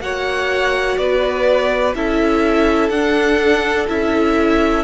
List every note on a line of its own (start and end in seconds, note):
0.00 0.97 A#3
0.00 1.95 F#4
0.00 1.00 C#5
0.00 0.97 F#5
0.97 1.94 B3
0.97 1.96 B4
0.97 1.94 D5
1.95 2.89 C#4
1.95 2.92 E4
1.95 4.83 A4
1.95 2.89 E5
2.89 3.86 D4
2.89 3.87 D4
2.89 3.86 F#5
3.87 4.83 C#4
3.87 4.83 E4
3.87 4.83 E5